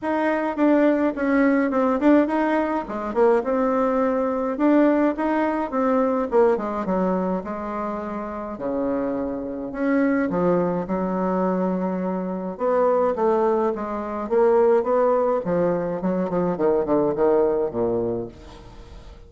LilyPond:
\new Staff \with { instrumentName = "bassoon" } { \time 4/4 \tempo 4 = 105 dis'4 d'4 cis'4 c'8 d'8 | dis'4 gis8 ais8 c'2 | d'4 dis'4 c'4 ais8 gis8 | fis4 gis2 cis4~ |
cis4 cis'4 f4 fis4~ | fis2 b4 a4 | gis4 ais4 b4 f4 | fis8 f8 dis8 d8 dis4 ais,4 | }